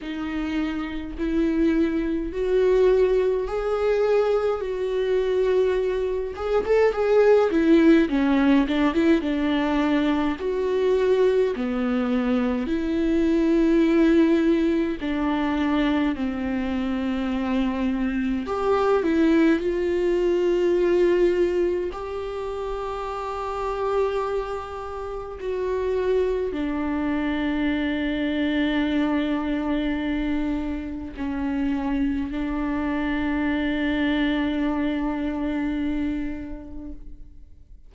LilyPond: \new Staff \with { instrumentName = "viola" } { \time 4/4 \tempo 4 = 52 dis'4 e'4 fis'4 gis'4 | fis'4. gis'16 a'16 gis'8 e'8 cis'8 d'16 e'16 | d'4 fis'4 b4 e'4~ | e'4 d'4 c'2 |
g'8 e'8 f'2 g'4~ | g'2 fis'4 d'4~ | d'2. cis'4 | d'1 | }